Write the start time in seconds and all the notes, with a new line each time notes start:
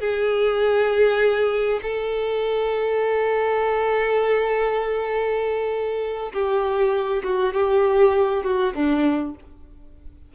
0.00 G#4
1.82 A4
6.33 G4
7.24 F#4
7.54 G4
8.44 F#4
8.75 D4